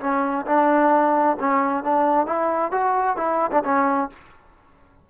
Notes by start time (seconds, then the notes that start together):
0.00 C#4
0.46 D4
1.40 C#4
1.84 D4
2.26 E4
2.72 F#4
3.17 E4
3.52 D4
3.64 C#4